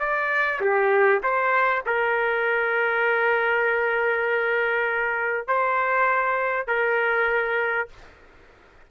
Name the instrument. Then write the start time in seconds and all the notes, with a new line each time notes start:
trumpet
0.00 D5
0.61 G4
1.23 C5
1.86 A#4
5.48 C5
6.67 A#4